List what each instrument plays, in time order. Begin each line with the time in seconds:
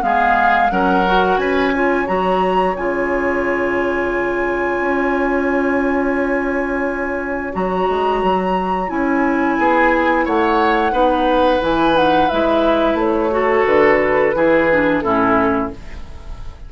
0.00 bassoon G#3, clarinet B3, oboe G#4, flute F5
0.69 bassoon F#3, clarinet C#4, oboe A#4, flute F#5
1.06 clarinet F#4
1.37 bassoon C#4, oboe B4, flute G#5
1.73 clarinet F4, oboe C#5
2.06 bassoon F#3, clarinet F#4, flute A#5
2.76 bassoon C#3, clarinet F4, flute G#5
4.80 bassoon C#4
7.53 bassoon F#3, clarinet F#4, flute A#5
7.89 bassoon G#3
8.23 bassoon F#3
8.88 bassoon C#4, clarinet E4, flute G#5
9.58 bassoon B3, oboe G#4
10.25 bassoon A3, oboe C#5, flute F#5
10.91 bassoon B3, clarinet D#4, oboe B4
11.60 bassoon E3, clarinet E4, flute G#5
11.93 clarinet D#4, flute F#5
12.28 bassoon G#3, clarinet E4, flute E5
12.94 bassoon A3, flute C#5
13.30 clarinet F#4, oboe A4
13.66 bassoon D3, flute B4
14.35 bassoon E3, clarinet E4, oboe G#4
14.70 clarinet D4
14.99 bassoon A2, clarinet C#4, oboe E4, flute A4